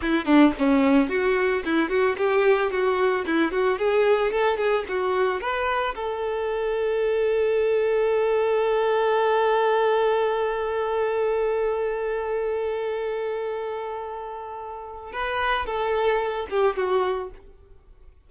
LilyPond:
\new Staff \with { instrumentName = "violin" } { \time 4/4 \tempo 4 = 111 e'8 d'8 cis'4 fis'4 e'8 fis'8 | g'4 fis'4 e'8 fis'8 gis'4 | a'8 gis'8 fis'4 b'4 a'4~ | a'1~ |
a'1~ | a'1~ | a'1 | b'4 a'4. g'8 fis'4 | }